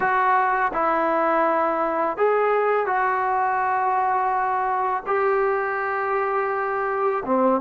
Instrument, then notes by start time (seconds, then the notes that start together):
trombone
0.00 F#4
0.73 E4
2.17 G#4
2.86 F#4
5.06 G4
7.25 C4